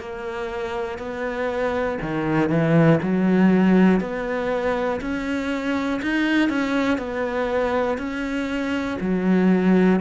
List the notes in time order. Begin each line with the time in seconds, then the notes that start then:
0.00 A#3
0.99 B3
2.01 D#3
2.49 E3
3.02 F#3
4.00 B3
5.01 C#4
6.02 D#4
6.49 C#4
6.98 B3
7.98 C#4
9.00 F#3